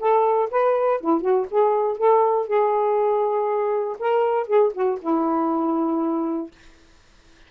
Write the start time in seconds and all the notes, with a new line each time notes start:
0.00 A4
0.51 B4
1.01 E4
1.21 F#4
1.51 G#4
1.98 A4
2.48 G#4
4.00 A#4
4.47 G#4
4.74 F#4
5.01 E4